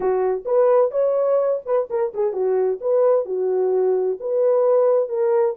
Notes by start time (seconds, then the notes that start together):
0.00 F#4
0.45 B4
0.91 C#5
1.65 B4
1.90 A#4
2.14 G#4
2.32 F#4
2.80 B4
3.25 F#4
4.19 B4
5.08 A#4